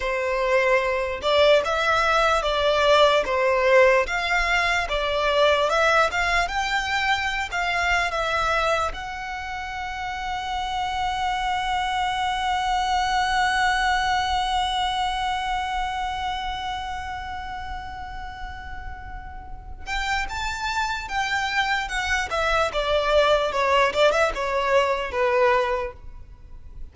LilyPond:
\new Staff \with { instrumentName = "violin" } { \time 4/4 \tempo 4 = 74 c''4. d''8 e''4 d''4 | c''4 f''4 d''4 e''8 f''8 | g''4~ g''16 f''8. e''4 fis''4~ | fis''1~ |
fis''1~ | fis''1~ | fis''8 g''8 a''4 g''4 fis''8 e''8 | d''4 cis''8 d''16 e''16 cis''4 b'4 | }